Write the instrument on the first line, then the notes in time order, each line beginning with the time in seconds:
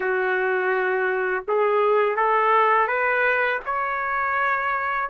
trumpet
0.00 F#4
1.47 G#4
2.16 A4
2.87 B4
3.65 C#5